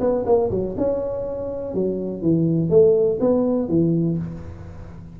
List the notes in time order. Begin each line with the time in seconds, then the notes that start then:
0.00 B3
0.25 A#3
0.50 F#3
0.77 C#4
1.74 F#3
2.22 E3
2.70 A3
3.20 B3
3.68 E3